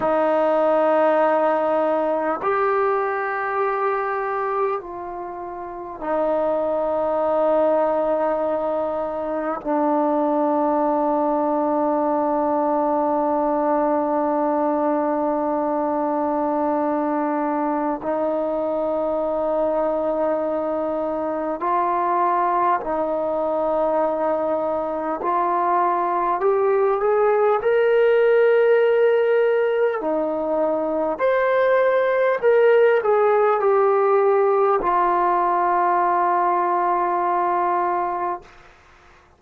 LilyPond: \new Staff \with { instrumentName = "trombone" } { \time 4/4 \tempo 4 = 50 dis'2 g'2 | f'4 dis'2. | d'1~ | d'2. dis'4~ |
dis'2 f'4 dis'4~ | dis'4 f'4 g'8 gis'8 ais'4~ | ais'4 dis'4 c''4 ais'8 gis'8 | g'4 f'2. | }